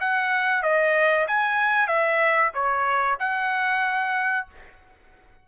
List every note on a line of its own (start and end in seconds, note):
0.00 0.63 F#5
0.63 1.26 D#5
1.27 1.87 G#5
1.87 2.51 E5
2.54 3.18 C#5
3.19 4.47 F#5